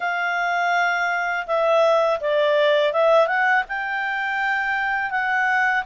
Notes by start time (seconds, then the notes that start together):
0.00 F5
1.46 E5
2.20 D5
2.93 E5
3.27 F#5
3.68 G5
5.11 F#5